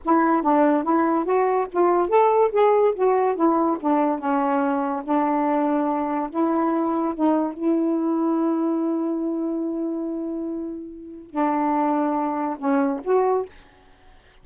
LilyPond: \new Staff \with { instrumentName = "saxophone" } { \time 4/4 \tempo 4 = 143 e'4 d'4 e'4 fis'4 | f'4 a'4 gis'4 fis'4 | e'4 d'4 cis'2 | d'2. e'4~ |
e'4 dis'4 e'2~ | e'1~ | e'2. d'4~ | d'2 cis'4 fis'4 | }